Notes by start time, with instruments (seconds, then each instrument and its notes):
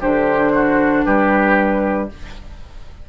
0.00 bassoon D3, clarinet D4, oboe G4, flute C5
0.54 oboe F#4
1.05 bassoon G3, oboe G4, flute B4